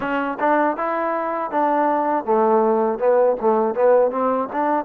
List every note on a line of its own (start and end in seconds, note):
0.00 0.38 C#4
0.39 0.77 D4
0.77 1.50 E4
1.50 2.24 D4
2.24 2.98 A3
2.98 3.36 B3
3.40 3.74 A3
3.74 4.11 B3
4.11 4.48 C4
4.52 4.85 D4